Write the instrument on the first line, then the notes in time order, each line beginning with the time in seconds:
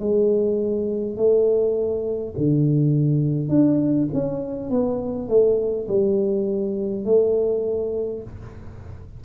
tuba
0.00 G#3
1.17 A3
2.37 D3
3.49 D4
4.13 C#4
4.71 B3
5.29 A3
5.88 G3
7.05 A3